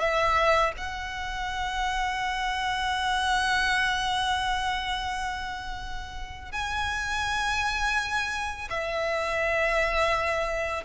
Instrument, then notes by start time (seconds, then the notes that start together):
violin
0.00 E5
0.78 F#5
6.52 G#5
8.69 E5